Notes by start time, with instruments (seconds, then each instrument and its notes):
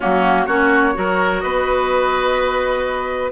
0.00 bassoon F#3, clarinet A#3, oboe C#4, flute F#4
0.46 bassoon A#3, clarinet C#4, oboe F#4, flute C#5
0.93 bassoon F#3, clarinet F#4, oboe A#4
1.40 bassoon B3, oboe B4, flute D#5